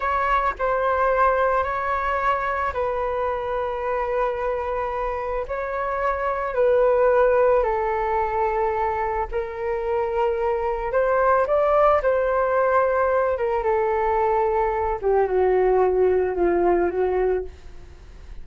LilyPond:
\new Staff \with { instrumentName = "flute" } { \time 4/4 \tempo 4 = 110 cis''4 c''2 cis''4~ | cis''4 b'2.~ | b'2 cis''2 | b'2 a'2~ |
a'4 ais'2. | c''4 d''4 c''2~ | c''8 ais'8 a'2~ a'8 g'8 | fis'2 f'4 fis'4 | }